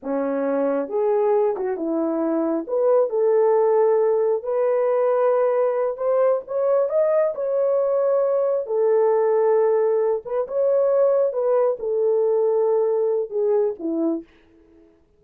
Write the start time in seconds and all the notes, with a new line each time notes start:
0.02 C#4
0.88 G#4
1.56 F#4
1.76 E4
2.67 B4
3.09 A4
4.43 B4
5.97 C5
6.47 C#5
6.89 D#5
7.34 C#5
8.66 A4
10.25 B4
10.47 C#5
11.32 B4
11.79 A4
13.30 G#4
13.79 E4